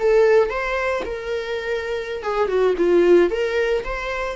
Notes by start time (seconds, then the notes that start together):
0.00 A4
0.50 C5
1.06 A#4
2.23 G#4
2.49 F#4
2.78 F4
3.31 A#4
3.84 C5